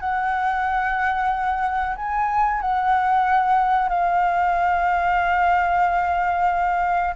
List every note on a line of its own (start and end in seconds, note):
0.00 1.96 F#5
1.96 2.61 G#5
2.61 3.89 F#5
3.89 7.15 F5